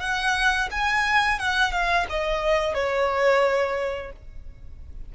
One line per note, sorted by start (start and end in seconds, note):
0.00 0.69 F#5
0.71 1.39 G#5
1.39 1.71 F#5
1.71 2.06 F5
2.09 2.74 D#5
2.74 4.12 C#5